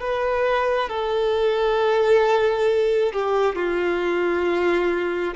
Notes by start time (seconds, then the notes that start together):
0.00 B4
0.89 A4
3.13 G4
3.55 F4